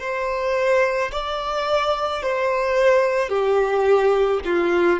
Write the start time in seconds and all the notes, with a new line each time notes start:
0.00 C5
1.12 D5
2.22 C5
3.30 G4
4.45 F4